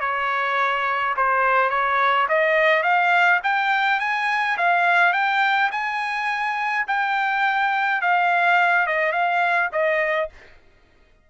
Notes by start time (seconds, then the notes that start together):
0.00 C#5
1.17 C5
1.70 C#5
2.28 D#5
2.83 F5
3.43 G5
4.00 G#5
4.57 F5
5.13 G5
5.71 G#5
6.87 G5
8.01 F5
8.86 D#5
9.12 F5
9.72 D#5